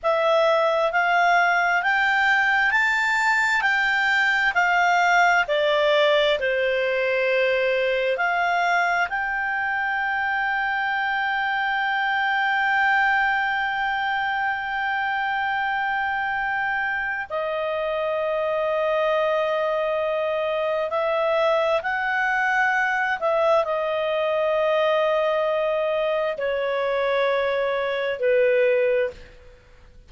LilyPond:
\new Staff \with { instrumentName = "clarinet" } { \time 4/4 \tempo 4 = 66 e''4 f''4 g''4 a''4 | g''4 f''4 d''4 c''4~ | c''4 f''4 g''2~ | g''1~ |
g''2. dis''4~ | dis''2. e''4 | fis''4. e''8 dis''2~ | dis''4 cis''2 b'4 | }